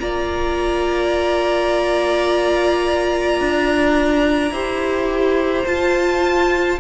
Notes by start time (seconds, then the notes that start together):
0.00 A#3 F4 D5 A#5
3.41 D4
4.51 E4 G4 C5
5.66 F4 A5